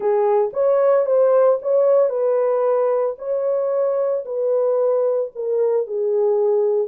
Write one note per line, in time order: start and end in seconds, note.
0.00 0.51 G#4
0.53 1.05 C#5
1.05 1.59 C5
1.62 2.09 C#5
2.09 3.15 B4
3.18 4.24 C#5
4.25 5.31 B4
5.35 5.86 A#4
5.86 6.87 G#4